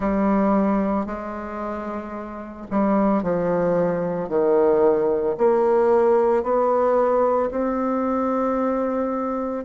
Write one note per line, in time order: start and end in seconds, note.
0.00 1.06 G3
1.06 2.66 G#3
2.70 3.22 G3
3.22 4.29 F3
4.29 5.36 D#3
5.37 6.43 A#3
6.43 7.50 B3
7.50 9.64 C4